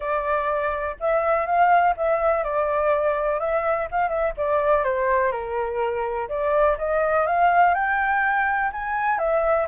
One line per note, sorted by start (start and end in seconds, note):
0.00 0.96 D5
1.00 1.46 E5
1.46 1.94 F5
1.96 2.43 E5
2.43 3.39 D5
3.39 3.88 E5
3.91 4.08 F5
4.08 4.33 E5
4.37 4.84 D5
4.84 5.31 C5
5.31 6.28 A#4
6.28 6.77 D5
6.78 7.26 D#5
7.26 7.74 F5
7.74 8.71 G5
8.72 9.18 G#5
9.18 9.66 E5